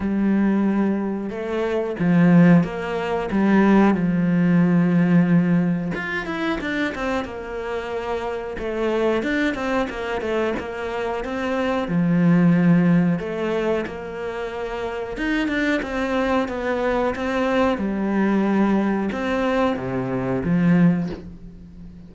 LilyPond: \new Staff \with { instrumentName = "cello" } { \time 4/4 \tempo 4 = 91 g2 a4 f4 | ais4 g4 f2~ | f4 f'8 e'8 d'8 c'8 ais4~ | ais4 a4 d'8 c'8 ais8 a8 |
ais4 c'4 f2 | a4 ais2 dis'8 d'8 | c'4 b4 c'4 g4~ | g4 c'4 c4 f4 | }